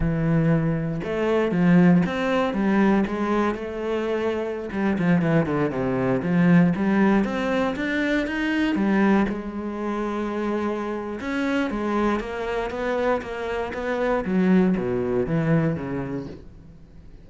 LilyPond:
\new Staff \with { instrumentName = "cello" } { \time 4/4 \tempo 4 = 118 e2 a4 f4 | c'4 g4 gis4 a4~ | a4~ a16 g8 f8 e8 d8 c8.~ | c16 f4 g4 c'4 d'8.~ |
d'16 dis'4 g4 gis4.~ gis16~ | gis2 cis'4 gis4 | ais4 b4 ais4 b4 | fis4 b,4 e4 cis4 | }